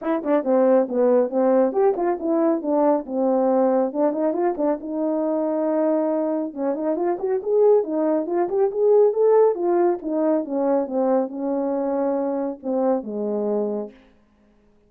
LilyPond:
\new Staff \with { instrumentName = "horn" } { \time 4/4 \tempo 4 = 138 e'8 d'8 c'4 b4 c'4 | g'8 f'8 e'4 d'4 c'4~ | c'4 d'8 dis'8 f'8 d'8 dis'4~ | dis'2. cis'8 dis'8 |
f'8 fis'8 gis'4 dis'4 f'8 g'8 | gis'4 a'4 f'4 dis'4 | cis'4 c'4 cis'2~ | cis'4 c'4 gis2 | }